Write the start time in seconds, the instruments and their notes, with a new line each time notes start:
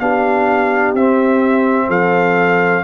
0.00 tuba B3, trombone D4, horn G4, trumpet F5
0.94 tuba C4, trombone C4, trumpet E5
1.88 tuba F3, horn A4, trumpet F5